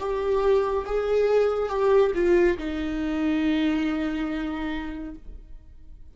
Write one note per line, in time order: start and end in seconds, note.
0.00 0.86 G4
0.86 1.69 G#4
1.69 2.12 G4
2.15 2.58 F4
2.58 5.15 D#4